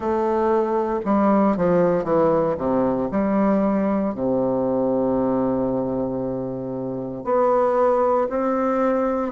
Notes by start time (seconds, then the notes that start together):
0.00 A3
1.05 G3
1.57 F3
2.04 E3
2.57 C3
3.11 G3
4.14 C3
7.24 B3
8.29 C4